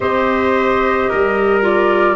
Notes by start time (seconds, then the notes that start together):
0.00 C4 G4 C5 D#5
1.09 G3 A#4
1.61 F4 D5